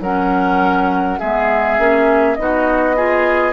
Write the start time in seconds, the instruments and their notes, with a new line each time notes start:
0.00 bassoon F#3, clarinet C#4, oboe A#4, flute F#5
1.19 bassoon G#3, clarinet B3, oboe G#4, flute E5
1.78 bassoon A#3, clarinet C#4
2.36 bassoon B3, clarinet D#4, flute D#5
2.42 oboe F#4
2.96 clarinet F4, oboe G#4